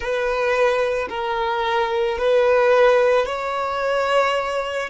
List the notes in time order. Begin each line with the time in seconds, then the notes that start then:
0.00 B4
1.09 A#4
2.18 B4
3.26 C#5